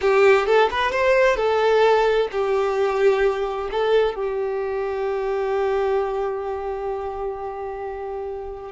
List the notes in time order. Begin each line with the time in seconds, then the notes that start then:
0.01 G4
0.46 A4
0.70 B4
0.91 C5
1.36 A4
2.31 G4
3.71 A4
4.15 G4